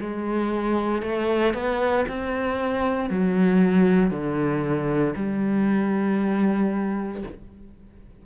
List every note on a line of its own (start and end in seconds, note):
0.00 1.02 G#3
1.02 1.54 A3
1.54 2.05 B3
2.08 3.10 C4
3.10 4.11 F#3
4.11 5.14 D3
5.16 7.23 G3